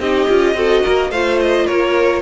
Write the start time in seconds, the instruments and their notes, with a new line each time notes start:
0.00 cello C4, viola D#4, violin G4 D#5
0.29 cello C#4, viola F4
0.54 cello C4, viola F#4, violin A4
0.83 cello A#3, violin A#4
1.10 cello A3, viola F4, violin C5 F5
1.41 violin D#5
1.67 cello A#3, violin A#4 C#5